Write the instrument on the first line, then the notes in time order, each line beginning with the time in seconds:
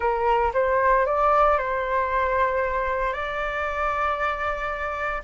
flute
0.00 A#4
0.53 C5
1.06 D5
1.57 C5
3.13 D5